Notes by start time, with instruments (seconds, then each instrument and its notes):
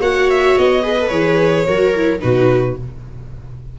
0.00 tuba A#3, viola F#4 C#5, violin F#5
0.31 violin E5
0.58 tuba B3, violin D#5
0.83 viola G#4 B4
1.01 viola A4
1.08 tuba E3, viola G#4, violin C#5
1.67 tuba F#3, viola F#4 A#4
1.95 viola E4
2.20 tuba B2, viola D#4 F#4, violin B4